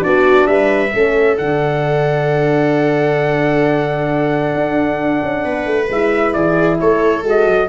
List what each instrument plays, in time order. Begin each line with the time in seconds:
0.00 tuba B3, horn D4, viola F#4, trumpet D5
0.47 tuba G3, viola B4, trumpet E5
0.94 tuba A3, horn C#4, viola A4
1.38 tuba D3, horn D4, trumpet F#5
4.55 tuba D4
5.23 tuba C#4
5.45 tuba B3, viola B4
5.66 tuba A3
5.89 tuba G#3, horn E4, trumpet E5
6.33 tuba E3, viola G#4, trumpet D5
6.80 tuba A3, viola A4, trumpet C#5
7.24 tuba G#3, horn F#4, trumpet D#5
7.46 tuba F#3